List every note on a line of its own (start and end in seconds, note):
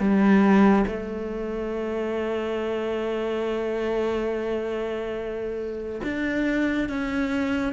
0.00 0.86 G3
0.88 6.02 A3
6.04 6.90 D4
6.90 7.73 C#4